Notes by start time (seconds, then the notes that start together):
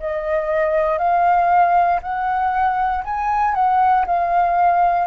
0.00 D#5
0.98 F5
2.02 F#5
3.04 G#5
3.55 F#5
4.06 F5